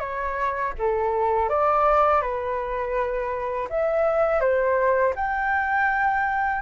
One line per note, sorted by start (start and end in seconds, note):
0.00 0.73 C#5
0.79 1.49 A4
1.49 2.22 D5
2.22 3.68 B4
3.70 4.41 E5
4.41 5.14 C5
5.16 6.62 G5